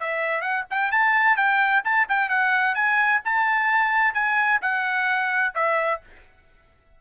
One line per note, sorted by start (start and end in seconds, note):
0.00 0.42 E5
0.42 0.65 F#5
0.70 0.92 G5
0.92 1.37 A5
1.37 1.83 G5
1.85 2.08 A5
2.09 2.30 G5
2.30 2.75 F#5
2.75 3.21 G#5
3.25 4.14 A5
4.14 4.60 G#5
4.62 5.54 F#5
5.55 6.01 E5